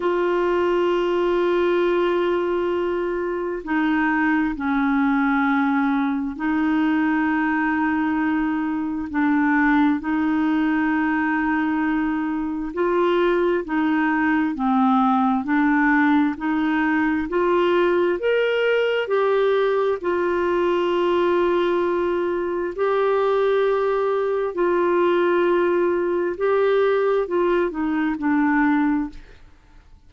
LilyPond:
\new Staff \with { instrumentName = "clarinet" } { \time 4/4 \tempo 4 = 66 f'1 | dis'4 cis'2 dis'4~ | dis'2 d'4 dis'4~ | dis'2 f'4 dis'4 |
c'4 d'4 dis'4 f'4 | ais'4 g'4 f'2~ | f'4 g'2 f'4~ | f'4 g'4 f'8 dis'8 d'4 | }